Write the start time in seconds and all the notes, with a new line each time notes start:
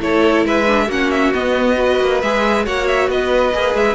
0.00 A3 E4 A4 C#5
0.45 G#3 B4 E5
0.67 D4
0.87 A#3 C#4 F#4 F#5
1.11 E5
1.34 B3 D#5
1.76 F#4 B4
2.01 A#3
2.22 G#3 G#4 E5
2.65 A#3 F#4 C#5 F#5
2.88 E5
3.09 B3 B4 D#5
3.54 A#3 G#4
3.75 G#3 E5